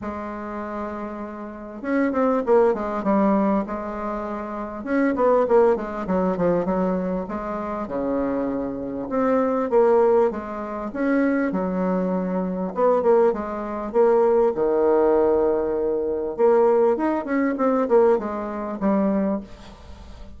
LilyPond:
\new Staff \with { instrumentName = "bassoon" } { \time 4/4 \tempo 4 = 99 gis2. cis'8 c'8 | ais8 gis8 g4 gis2 | cis'8 b8 ais8 gis8 fis8 f8 fis4 | gis4 cis2 c'4 |
ais4 gis4 cis'4 fis4~ | fis4 b8 ais8 gis4 ais4 | dis2. ais4 | dis'8 cis'8 c'8 ais8 gis4 g4 | }